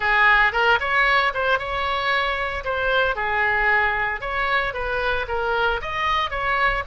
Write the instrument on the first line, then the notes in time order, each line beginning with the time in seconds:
oboe
0.00 G#4
0.52 A#4
0.80 C#5
1.34 C5
1.58 C#5
2.64 C5
3.15 G#4
4.21 C#5
4.73 B4
5.28 A#4
5.81 D#5
6.30 C#5